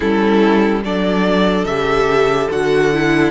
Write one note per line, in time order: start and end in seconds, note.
0.00 0.84 G3
0.00 0.84 C#4
0.00 0.81 E4
0.00 0.82 A4
0.84 1.64 F#3
0.84 1.68 D4
0.84 3.31 A4
0.84 1.65 D5
1.64 2.48 C#3
1.64 2.51 G4
1.64 2.48 E5
2.50 3.31 D3
2.50 2.93 F#4
2.50 3.31 F#5
2.93 3.31 E4